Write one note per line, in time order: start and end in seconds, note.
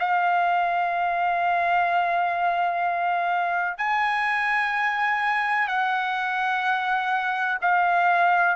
0.00 3.78 F5
3.78 5.68 G#5
5.68 7.59 F#5
7.61 8.57 F5